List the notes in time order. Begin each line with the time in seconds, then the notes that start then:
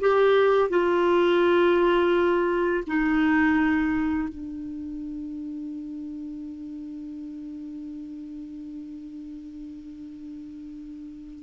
0.00 G4
0.69 F4
2.87 D#4
4.29 D4